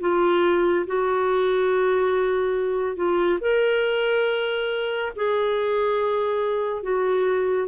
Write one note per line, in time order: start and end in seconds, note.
0.00 0.86 F4
0.87 2.96 F#4
2.96 3.39 F4
3.41 5.12 A#4
5.15 6.83 G#4
6.83 7.68 F#4